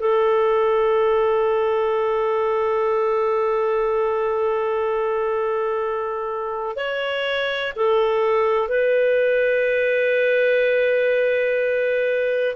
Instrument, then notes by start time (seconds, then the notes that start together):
clarinet
0.00 A4
6.77 C#5
7.76 A4
8.68 B4